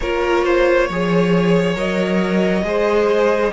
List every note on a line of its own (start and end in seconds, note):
0.00 0.89 A#3
0.00 0.90 F4
0.00 0.44 A#4
0.00 1.76 C#5
0.44 0.87 C5
0.87 1.76 F3
0.87 1.74 G#4
0.87 2.63 C#5
1.74 2.63 F#3
1.74 2.62 A#4
1.74 3.52 D#5
2.63 3.51 G#3
2.63 3.51 G#4
2.63 3.52 C5